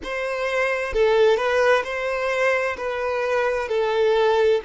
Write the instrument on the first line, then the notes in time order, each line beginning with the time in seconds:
violin
0.03 C5
0.93 A4
1.37 B4
1.84 C5
2.77 B4
3.68 A4